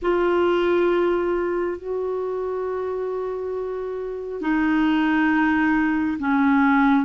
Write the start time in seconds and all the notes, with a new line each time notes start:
0.02 F4
1.78 F#4
4.41 D#4
6.19 C#4